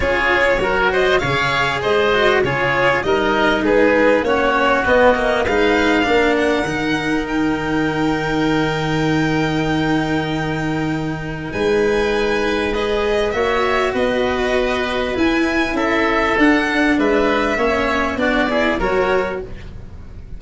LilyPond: <<
  \new Staff \with { instrumentName = "violin" } { \time 4/4 \tempo 4 = 99 cis''4. dis''8 f''4 dis''4 | cis''4 dis''4 b'4 cis''4 | dis''4 f''4. fis''4. | g''1~ |
g''2. gis''4~ | gis''4 dis''4 e''4 dis''4~ | dis''4 gis''4 e''4 fis''4 | e''2 d''4 cis''4 | }
  \new Staff \with { instrumentName = "oboe" } { \time 4/4 gis'4 ais'8 c''8 cis''4 c''4 | gis'4 ais'4 gis'4 fis'4~ | fis'4 b'4 ais'2~ | ais'1~ |
ais'2. b'4~ | b'2 cis''4 b'4~ | b'2 a'2 | b'4 cis''4 fis'8 gis'8 ais'4 | }
  \new Staff \with { instrumentName = "cello" } { \time 4/4 f'4 fis'4 gis'4. fis'8 | f'4 dis'2 cis'4 | b8 ais8 dis'4 d'4 dis'4~ | dis'1~ |
dis'1~ | dis'4 gis'4 fis'2~ | fis'4 e'2 d'4~ | d'4 cis'4 d'8 e'8 fis'4 | }
  \new Staff \with { instrumentName = "tuba" } { \time 4/4 cis'4 fis4 cis4 gis4 | cis4 g4 gis4 ais4 | b4 gis4 ais4 dis4~ | dis1~ |
dis2. gis4~ | gis2 ais4 b4~ | b4 e'4 cis'4 d'4 | gis4 ais4 b4 fis4 | }
>>